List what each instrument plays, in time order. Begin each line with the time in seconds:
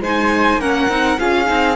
0.00 cello G#3, viola D#4, flute C5, violin G#5
0.57 cello A#3, viola C#4, flute A#4, violin F#5
0.88 cello C4, viola D#4
1.18 cello C#4, viola F4, flute G#4, violin F5
1.45 cello C4, viola D#4